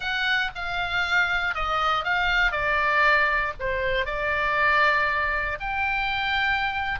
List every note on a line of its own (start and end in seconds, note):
0.00 0.51 F#5
0.55 1.54 F5
1.54 2.04 D#5
2.04 2.51 F5
2.51 3.53 D5
3.59 4.05 C5
4.05 5.58 D5
5.60 6.99 G5